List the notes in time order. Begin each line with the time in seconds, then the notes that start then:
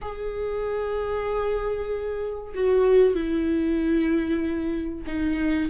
0.01 G#4
2.54 F#4
3.14 E4
5.06 D#4